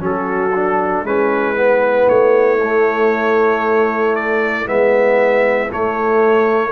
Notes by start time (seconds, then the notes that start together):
0.00 F#3 C#4 F#4 A4
0.56 D4
1.03 G#3 C#4 E4 B4
1.55 B3
2.09 A3 C#5
2.63 A3
4.16 D5
4.66 G#3 B3 E5
5.71 A3 C#5